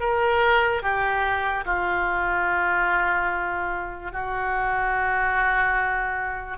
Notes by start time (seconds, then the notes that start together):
0.00 A#4
0.82 G4
1.65 F4
4.12 F#4